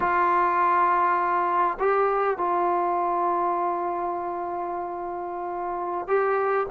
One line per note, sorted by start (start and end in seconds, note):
0.00 1.78 F4
1.79 2.37 G4
2.37 6.07 F4
6.07 6.67 G4